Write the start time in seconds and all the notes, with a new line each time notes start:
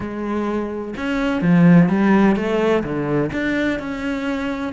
0.00 G#3
0.96 C#4
1.41 F3
1.89 G3
2.36 A3
2.83 D3
3.32 D4
3.79 C#4